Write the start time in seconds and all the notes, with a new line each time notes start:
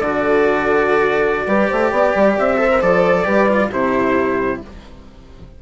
0.00 D3 F#4 A4 D5
1.47 G3 G4 B4
1.68 A3 C5
1.90 B3 D5
2.15 G3
2.39 C4 E5
2.57 A4 C5
2.69 A#4
2.81 F3 A4 D5
3.24 G3 G4 B4
3.48 F4
3.70 C3 E4 G4 C5